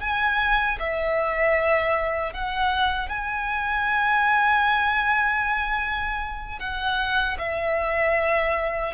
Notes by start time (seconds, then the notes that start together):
0.00 G#5
0.79 E5
2.33 F#5
3.09 G#5
6.59 F#5
7.38 E5